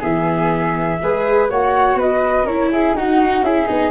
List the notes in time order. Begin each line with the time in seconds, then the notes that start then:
0.00 E3 B3 G#4 E5
1.01 G#3 G#4 B4
1.50 A#3 F#4 C#5 F#5
1.95 B3 B4 D#5
2.43 C#4 E4 A#4 C#5
2.71 G#4 E5
2.94 D#4 F#4 F#5
3.42 C#4 E4 G#4 E5
3.67 B3 D#4 D#5